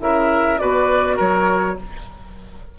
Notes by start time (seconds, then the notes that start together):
0.00 C#3 E4 A#4 E5
0.58 B2 F#4 B4 D5
1.16 F#3 A#4 C#5